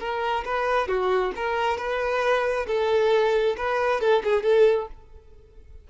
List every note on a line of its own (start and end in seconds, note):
0.00 0.44 A#4
0.46 0.88 B4
0.88 1.33 F#4
1.36 1.78 A#4
1.78 2.67 B4
2.67 3.56 A4
3.57 4.01 B4
4.01 4.23 A4
4.24 4.44 G#4
4.44 4.88 A4